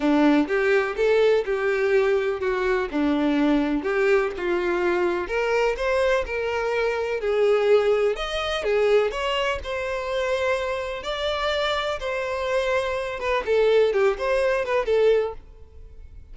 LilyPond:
\new Staff \with { instrumentName = "violin" } { \time 4/4 \tempo 4 = 125 d'4 g'4 a'4 g'4~ | g'4 fis'4 d'2 | g'4 f'2 ais'4 | c''4 ais'2 gis'4~ |
gis'4 dis''4 gis'4 cis''4 | c''2. d''4~ | d''4 c''2~ c''8 b'8 | a'4 g'8 c''4 b'8 a'4 | }